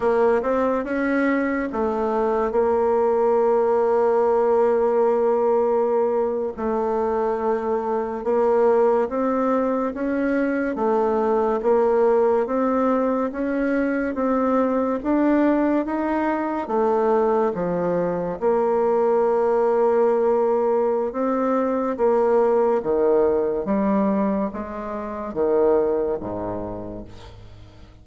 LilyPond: \new Staff \with { instrumentName = "bassoon" } { \time 4/4 \tempo 4 = 71 ais8 c'8 cis'4 a4 ais4~ | ais2.~ ais8. a16~ | a4.~ a16 ais4 c'4 cis'16~ | cis'8. a4 ais4 c'4 cis'16~ |
cis'8. c'4 d'4 dis'4 a16~ | a8. f4 ais2~ ais16~ | ais4 c'4 ais4 dis4 | g4 gis4 dis4 gis,4 | }